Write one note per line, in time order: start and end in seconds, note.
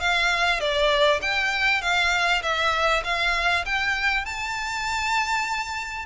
0.00 0.60 F5
0.60 1.21 D5
1.21 1.82 G5
1.82 2.42 F5
2.42 3.03 E5
3.04 3.65 F5
3.65 4.25 G5
4.25 6.06 A5